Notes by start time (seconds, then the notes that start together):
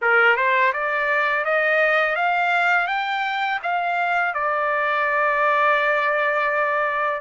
0.01 A#4
0.36 C5
0.73 D5
1.45 D#5
2.15 F5
2.87 G5
3.62 F5
4.33 D5